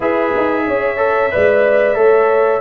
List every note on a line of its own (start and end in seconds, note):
0.00 0.31 E4
0.00 0.96 G#4
0.00 0.64 B4
0.00 2.61 E5
0.36 0.67 D#4
0.67 1.33 C#4
0.67 1.32 C#5
0.96 1.29 A4
1.31 1.96 G#3
1.31 1.94 B4
1.31 1.97 D5
1.94 2.61 A3
1.94 2.60 A4
1.94 2.61 C#5